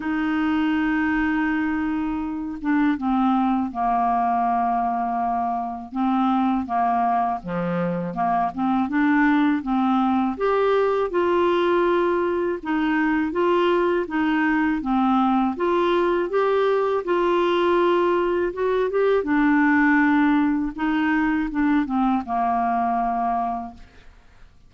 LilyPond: \new Staff \with { instrumentName = "clarinet" } { \time 4/4 \tempo 4 = 81 dis'2.~ dis'8 d'8 | c'4 ais2. | c'4 ais4 f4 ais8 c'8 | d'4 c'4 g'4 f'4~ |
f'4 dis'4 f'4 dis'4 | c'4 f'4 g'4 f'4~ | f'4 fis'8 g'8 d'2 | dis'4 d'8 c'8 ais2 | }